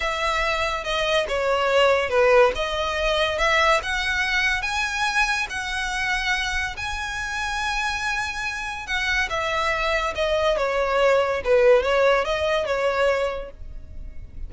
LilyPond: \new Staff \with { instrumentName = "violin" } { \time 4/4 \tempo 4 = 142 e''2 dis''4 cis''4~ | cis''4 b'4 dis''2 | e''4 fis''2 gis''4~ | gis''4 fis''2. |
gis''1~ | gis''4 fis''4 e''2 | dis''4 cis''2 b'4 | cis''4 dis''4 cis''2 | }